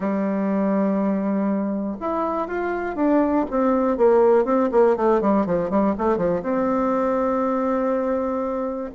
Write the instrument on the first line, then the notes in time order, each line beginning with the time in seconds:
bassoon
0.00 G3
2.00 E4
2.47 F4
2.95 D4
3.50 C4
3.97 A#3
4.44 C4
4.71 A#3
4.96 A3
5.21 G3
5.45 F3
5.70 G3
5.98 A3
6.17 F3
6.42 C4